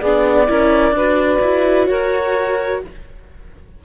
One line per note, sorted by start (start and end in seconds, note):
0.00 0.49 B3
0.00 0.47 D4
0.00 0.47 G#4
0.00 1.87 D5
0.47 0.92 C#4
0.47 0.94 E4
0.47 0.95 A#4
0.92 1.38 D4
0.92 2.85 F#4
0.92 1.89 B4
1.41 1.88 E4
1.87 2.81 F#4
1.87 2.83 A#4
1.87 2.81 C#5